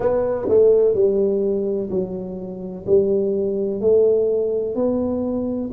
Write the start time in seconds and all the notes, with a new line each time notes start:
0.00 B3
0.48 A3
0.94 G3
1.90 F#3
2.86 G3
3.81 A3
4.74 B3